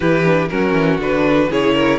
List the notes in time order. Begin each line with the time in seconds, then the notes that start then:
0.00 E3 E4 G4 B4
0.23 D4
0.48 F#3 C#4 F#4 A#4
0.72 E3
0.99 D3 D4 B4
1.50 C#3 E4 G#4 C#5
1.73 A#4